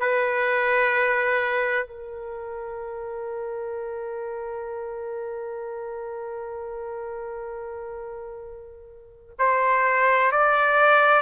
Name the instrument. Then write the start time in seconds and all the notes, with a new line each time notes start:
trumpet
0.00 B4
1.86 A#4
9.38 C5
10.32 D5